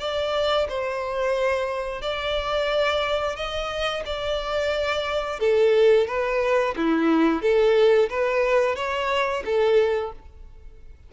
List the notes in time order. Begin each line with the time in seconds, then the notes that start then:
0.00 D5
0.69 C5
2.02 D5
3.36 D#5
4.06 D5
5.40 A4
6.08 B4
6.77 E4
7.42 A4
8.10 B4
8.76 C#5
9.46 A4